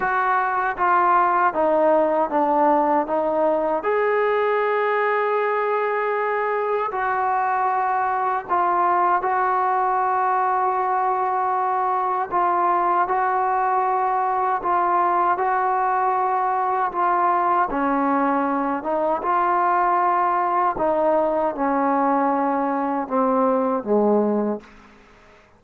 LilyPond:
\new Staff \with { instrumentName = "trombone" } { \time 4/4 \tempo 4 = 78 fis'4 f'4 dis'4 d'4 | dis'4 gis'2.~ | gis'4 fis'2 f'4 | fis'1 |
f'4 fis'2 f'4 | fis'2 f'4 cis'4~ | cis'8 dis'8 f'2 dis'4 | cis'2 c'4 gis4 | }